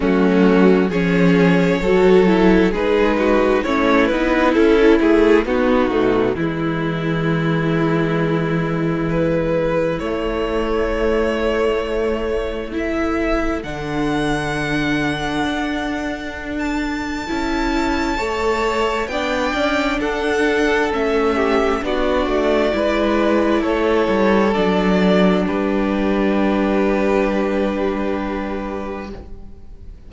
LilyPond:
<<
  \new Staff \with { instrumentName = "violin" } { \time 4/4 \tempo 4 = 66 fis'4 cis''2 b'4 | cis''8 b'8 a'8 gis'8 fis'4 e'4~ | e'2 b'4 cis''4~ | cis''2 e''4 fis''4~ |
fis''2~ fis''16 a''4.~ a''16~ | a''4 g''4 fis''4 e''4 | d''2 cis''4 d''4 | b'1 | }
  \new Staff \with { instrumentName = "violin" } { \time 4/4 cis'4 gis'4 a'4 gis'8 fis'8 | e'2 dis'4 e'4~ | e'1~ | e'2 a'2~ |
a'1 | cis''4 d''4 a'4. g'8 | fis'4 b'4 a'2 | g'1 | }
  \new Staff \with { instrumentName = "viola" } { \time 4/4 a4 cis'4 fis'8 e'8 dis'4 | cis'8 dis'8 e'4 b8 a8 gis4~ | gis2. a4~ | a2 e'4 d'4~ |
d'2. e'4 | a'4 d'2 cis'4 | d'4 e'2 d'4~ | d'1 | }
  \new Staff \with { instrumentName = "cello" } { \time 4/4 fis4 f4 fis4 gis4 | a8 b8 cis'8 a8 b8 b,8 e4~ | e2. a4~ | a2. d4~ |
d4 d'2 cis'4 | a4 b8 cis'8 d'4 a4 | b8 a8 gis4 a8 g8 fis4 | g1 | }
>>